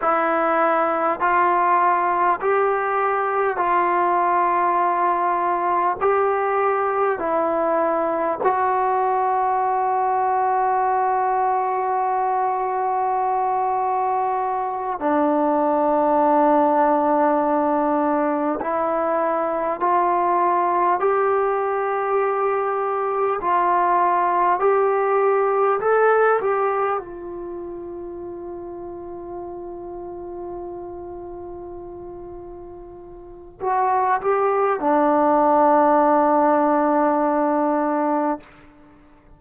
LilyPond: \new Staff \with { instrumentName = "trombone" } { \time 4/4 \tempo 4 = 50 e'4 f'4 g'4 f'4~ | f'4 g'4 e'4 fis'4~ | fis'1~ | fis'8 d'2. e'8~ |
e'8 f'4 g'2 f'8~ | f'8 g'4 a'8 g'8 f'4.~ | f'1 | fis'8 g'8 d'2. | }